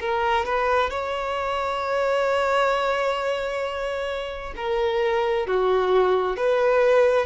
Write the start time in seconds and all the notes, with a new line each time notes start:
0.00 A#4
0.45 B4
0.90 C#5
4.56 A#4
5.47 F#4
6.36 B4